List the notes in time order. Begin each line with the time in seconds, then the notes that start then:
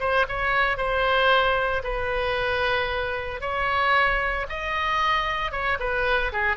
0.00 C5
0.28 C#5
0.77 C5
1.84 B4
3.41 C#5
4.50 D#5
5.52 C#5
5.80 B4
6.33 G#4